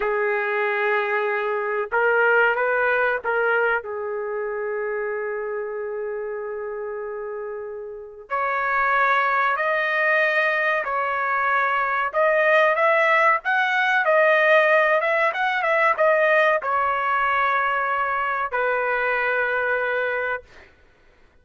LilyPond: \new Staff \with { instrumentName = "trumpet" } { \time 4/4 \tempo 4 = 94 gis'2. ais'4 | b'4 ais'4 gis'2~ | gis'1~ | gis'4 cis''2 dis''4~ |
dis''4 cis''2 dis''4 | e''4 fis''4 dis''4. e''8 | fis''8 e''8 dis''4 cis''2~ | cis''4 b'2. | }